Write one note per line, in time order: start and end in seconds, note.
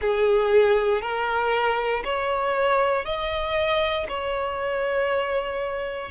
0.00 1.01 G#4
1.01 2.03 A#4
2.04 3.05 C#5
3.05 4.06 D#5
4.08 6.11 C#5